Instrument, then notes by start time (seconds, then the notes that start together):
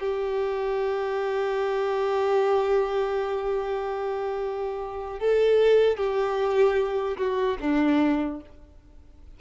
violin
0.00 G4
5.20 A4
5.97 G4
7.18 F#4
7.61 D4